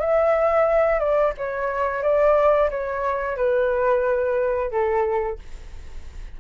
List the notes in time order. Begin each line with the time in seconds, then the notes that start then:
0.00 E5
0.99 D5
1.38 C#5
2.03 D5
2.70 C#5
3.36 B4
4.71 A4